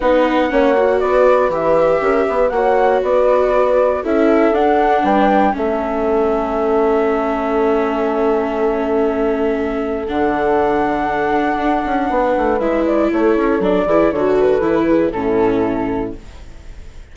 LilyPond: <<
  \new Staff \with { instrumentName = "flute" } { \time 4/4 \tempo 4 = 119 fis''2 d''4 e''4~ | e''4 fis''4 d''2 | e''4 fis''4 g''4 e''4~ | e''1~ |
e''1 | fis''1~ | fis''4 e''8 d''8 cis''4 d''4 | cis''8 b'4. a'2 | }
  \new Staff \with { instrumentName = "horn" } { \time 4/4 b'4 cis''4 b'2 | ais'8 b'8 cis''4 b'2 | a'2 b'4 a'4~ | a'1~ |
a'1~ | a'1 | b'2 a'4. gis'8 | a'4. gis'8 e'2 | }
  \new Staff \with { instrumentName = "viola" } { \time 4/4 dis'4 cis'8 fis'4. g'4~ | g'4 fis'2. | e'4 d'2 cis'4~ | cis'1~ |
cis'1 | d'1~ | d'4 e'2 d'8 e'8 | fis'4 e'4 cis'2 | }
  \new Staff \with { instrumentName = "bassoon" } { \time 4/4 b4 ais4 b4 e4 | cis'8 b8 ais4 b2 | cis'4 d'4 g4 a4~ | a1~ |
a1 | d2. d'8 cis'8 | b8 a8 gis4 a8 cis'8 fis8 e8 | d4 e4 a,2 | }
>>